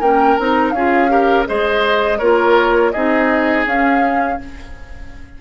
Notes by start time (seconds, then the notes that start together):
0.00 A#3 C#4 A#4 G5
0.36 C4 D#4 A#5
0.71 C#4 F4 G#4 F5
1.09 G4 A#4
1.46 G#3 G#4 C5 D#5
2.18 A#3 F4 A#4 C#5
2.92 C4 D#4 G#4 D#5
3.66 C#4 F5